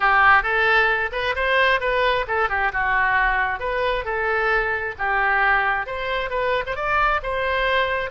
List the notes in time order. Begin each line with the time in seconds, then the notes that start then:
0.00 G4
0.42 A4
1.12 B4
1.35 C5
1.80 B4
2.27 A4
2.49 G4
2.72 F#4
3.59 B4
4.04 A4
4.98 G4
5.86 C5
6.30 B4
6.66 C5
6.75 D5
7.22 C5